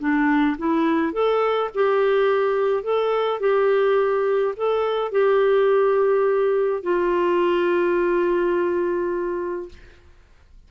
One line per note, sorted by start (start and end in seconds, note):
0.00 0.57 D4
0.59 1.13 E4
1.13 1.70 A4
1.75 2.84 G4
2.84 3.41 A4
3.41 4.55 G4
4.57 5.12 A4
5.12 6.83 G4
6.83 9.69 F4